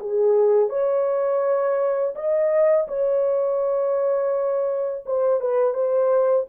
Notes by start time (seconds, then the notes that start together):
0.00 G#4
0.70 C#5
2.16 D#5
2.88 C#5
5.06 C5
5.41 B4
5.74 C5